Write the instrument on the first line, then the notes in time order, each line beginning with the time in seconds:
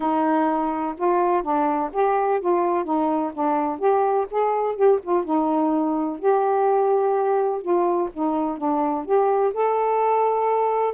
saxophone
0.00 D#4
0.97 F4
1.42 D4
1.92 G4
2.40 F4
2.84 D#4
3.33 D4
3.78 G4
4.30 G#4
4.75 G4
5.03 F4
5.24 D#4
6.19 G4
7.61 F4
8.13 D#4
8.57 D4
9.05 G4
9.53 A4